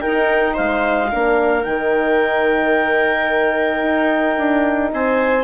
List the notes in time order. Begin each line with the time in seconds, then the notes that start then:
0.00 D#4 A#4 G5
0.06 D#4
0.54 G#3 C5 F5
1.11 A#3 D4 A#4
1.63 D#3 D#4 G5
3.82 D#4
4.38 D4
4.93 C4 C5 G#5